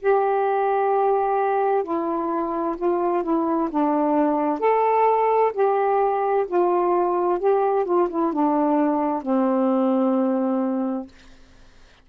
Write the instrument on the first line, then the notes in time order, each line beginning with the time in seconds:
saxophone
0.00 G4
1.83 E4
2.77 F4
3.23 E4
3.70 D4
4.59 A4
5.53 G4
6.47 F4
7.39 G4
7.85 F4
8.10 E4
8.32 D4
9.22 C4